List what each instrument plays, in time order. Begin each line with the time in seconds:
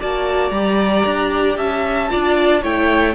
0.00 cello A#3, viola F#4, violin D5 A5
0.51 cello G3, viola G4, violin A#5
1.06 cello D4
1.58 cello C#4, violin E5 A5
2.10 cello D4, viola F4, violin D5
2.62 cello A3, viola E4, violin C#5 G5